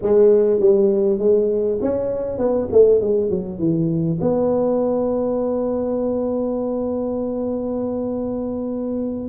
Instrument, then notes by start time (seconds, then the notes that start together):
tuba
0.01 G#3
0.60 G3
1.18 G#3
1.81 C#4
2.38 B3
2.71 A3
3.00 G#3
3.30 F#3
3.58 E3
4.21 B3